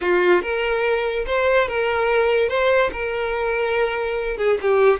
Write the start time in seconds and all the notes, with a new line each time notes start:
0.01 F4
0.42 A#4
1.26 C5
1.68 A#4
2.48 C5
2.92 A#4
4.37 G#4
4.61 G4